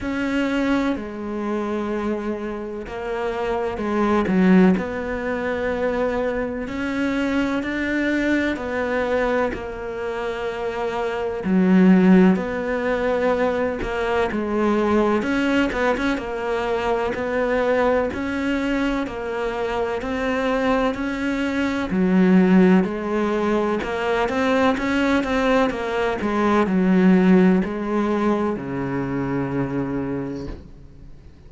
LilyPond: \new Staff \with { instrumentName = "cello" } { \time 4/4 \tempo 4 = 63 cis'4 gis2 ais4 | gis8 fis8 b2 cis'4 | d'4 b4 ais2 | fis4 b4. ais8 gis4 |
cis'8 b16 cis'16 ais4 b4 cis'4 | ais4 c'4 cis'4 fis4 | gis4 ais8 c'8 cis'8 c'8 ais8 gis8 | fis4 gis4 cis2 | }